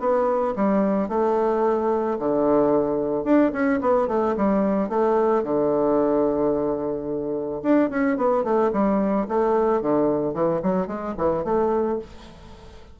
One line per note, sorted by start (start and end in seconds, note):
0.00 0.55 B3
0.56 1.09 G3
1.09 2.18 A3
2.19 3.25 D3
3.25 3.52 D4
3.53 3.80 C#4
3.81 4.08 B3
4.08 4.35 A3
4.37 4.89 G3
4.89 5.43 A3
5.43 7.62 D3
7.63 7.90 D4
7.90 8.17 C#4
8.17 8.44 B3
8.44 8.71 A3
8.73 9.27 G3
9.28 9.82 A3
9.82 10.34 D3
10.34 10.61 E3
10.63 10.87 F#3
10.87 11.14 G#3
11.18 11.44 E3
11.44 11.99 A3